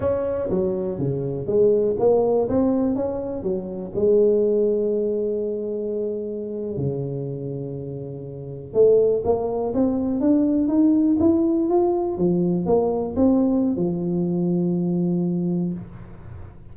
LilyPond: \new Staff \with { instrumentName = "tuba" } { \time 4/4 \tempo 4 = 122 cis'4 fis4 cis4 gis4 | ais4 c'4 cis'4 fis4 | gis1~ | gis4.~ gis16 cis2~ cis16~ |
cis4.~ cis16 a4 ais4 c'16~ | c'8. d'4 dis'4 e'4 f'16~ | f'8. f4 ais4 c'4~ c'16 | f1 | }